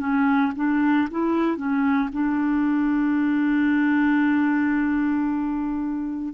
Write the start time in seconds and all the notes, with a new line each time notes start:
0.00 C#4
0.56 D4
1.11 E4
1.57 C#4
2.12 D4